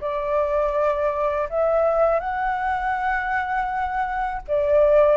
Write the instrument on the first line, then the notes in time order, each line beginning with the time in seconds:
flute
0.00 D5
1.49 E5
2.20 F#5
4.47 D5